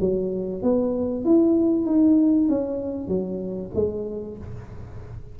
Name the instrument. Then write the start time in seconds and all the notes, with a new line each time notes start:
tuba
0.00 F#3
0.62 B3
1.25 E4
1.86 D#4
2.49 C#4
3.09 F#3
3.75 G#3